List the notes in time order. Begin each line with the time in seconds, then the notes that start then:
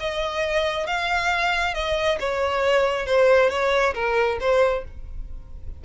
0.00 D#5
0.87 F5
1.74 D#5
2.20 C#5
3.06 C5
3.50 C#5
3.94 A#4
4.40 C5